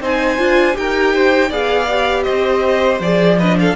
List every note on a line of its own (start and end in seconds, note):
0.00 0.38 C4
0.00 0.38 D#4
0.00 0.76 C5
0.00 0.77 G#5
0.38 0.76 D4
0.38 0.73 F4
0.73 1.51 D#4
0.73 1.48 G4
0.73 1.52 G5
0.79 1.14 A#4
1.14 1.49 C5
1.49 2.26 B3
1.49 1.88 G#4
1.49 2.24 D5
1.49 2.23 F5
1.89 3.01 G4
2.23 3.00 C4
2.23 3.36 C5
2.23 2.98 D#5
3.00 3.75 F3
3.00 3.40 G#4
3.00 3.39 D5
3.38 3.75 D4
3.38 3.57 B4
3.38 3.58 D#5
3.60 3.75 A4
3.60 3.75 F5